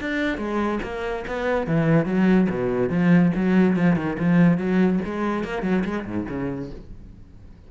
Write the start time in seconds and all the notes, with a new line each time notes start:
0.00 D4
0.37 G#3
0.83 A#3
1.27 B3
1.66 E3
2.05 F#3
2.49 B2
2.89 F3
3.35 F#3
3.76 F3
3.96 D#3
4.19 F3
4.57 F#3
5.04 G#3
5.44 A#3
5.62 F#3
5.84 G#3
6.05 G#2
6.29 C#3